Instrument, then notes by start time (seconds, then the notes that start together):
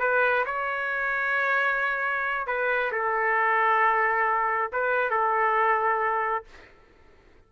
trumpet
0.00 B4
0.46 C#5
2.47 B4
2.92 A4
4.72 B4
5.10 A4